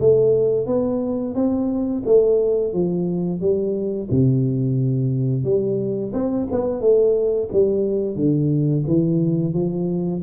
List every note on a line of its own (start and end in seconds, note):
0.00 0.67 A3
0.67 1.35 B3
1.35 2.03 C4
2.05 2.73 A3
2.73 3.41 F3
3.41 4.09 G3
4.11 5.44 C3
5.44 6.12 G3
6.13 6.47 C4
6.51 6.81 B3
6.81 7.49 A3
7.52 8.16 G3
8.16 8.84 D3
8.87 9.54 E3
9.54 10.22 F3